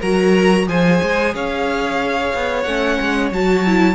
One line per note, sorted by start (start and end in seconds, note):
0.00 0.68 F#3
0.00 0.67 F#4
0.00 0.66 A#4
0.00 0.68 A#5
0.67 1.01 F3
0.67 2.65 G#4
0.67 1.35 C5
0.67 1.35 G#5
1.03 1.35 G#3
1.35 2.34 C#4
1.35 3.96 C#5
1.35 2.63 F5
2.34 2.66 B3
2.63 2.99 A3
2.63 3.33 C#4
2.63 3.29 F#5
3.01 3.31 G#3
3.31 3.96 F#3
3.31 3.67 F#4
3.31 3.96 A5
3.67 3.96 E4